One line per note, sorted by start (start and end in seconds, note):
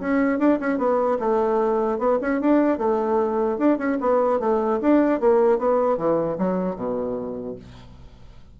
0.00 0.39 C#4
0.39 0.59 D4
0.60 0.78 C#4
0.78 1.18 B3
1.19 1.99 A3
1.99 2.19 B3
2.21 2.41 C#4
2.41 2.78 D4
2.78 3.58 A3
3.58 3.78 D4
3.78 3.98 C#4
4.01 4.39 B3
4.39 4.79 A3
4.81 5.20 D4
5.20 5.59 A#3
5.59 5.97 B3
5.97 6.37 E3
6.38 6.75 F#3
6.75 7.55 B2